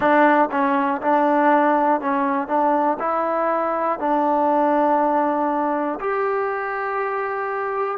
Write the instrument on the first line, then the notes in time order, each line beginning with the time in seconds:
trombone
0.00 D4
0.50 C#4
1.01 D4
2.00 C#4
2.47 D4
2.99 E4
3.99 D4
6.00 G4